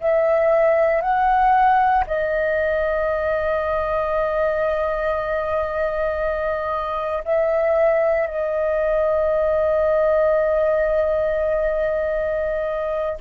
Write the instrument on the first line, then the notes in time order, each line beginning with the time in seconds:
flute
0.00 E5
1.01 F#5
2.06 D#5
7.24 E5
8.27 D#5